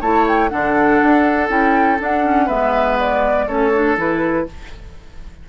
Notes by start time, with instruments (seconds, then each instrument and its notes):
0.00 bassoon A3, clarinet E4, oboe C#5, flute A5
0.28 flute G5
0.49 bassoon D3, clarinet D4, oboe A4, flute F#5
1.02 bassoon D4
1.48 bassoon C#4, clarinet E4, flute G5
2.00 clarinet D4, bassoon D4, flute F#5
2.24 clarinet C#4
2.46 bassoon G#3, clarinet B3, oboe B4, flute E5
2.99 flute D5
3.47 bassoon A3, clarinet C#4, oboe A4, flute C#5
3.73 clarinet D4
3.96 bassoon E3, clarinet E4, flute B4